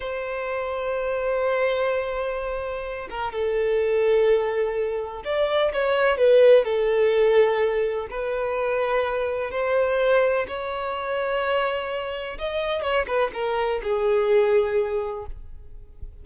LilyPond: \new Staff \with { instrumentName = "violin" } { \time 4/4 \tempo 4 = 126 c''1~ | c''2~ c''8 ais'8 a'4~ | a'2. d''4 | cis''4 b'4 a'2~ |
a'4 b'2. | c''2 cis''2~ | cis''2 dis''4 cis''8 b'8 | ais'4 gis'2. | }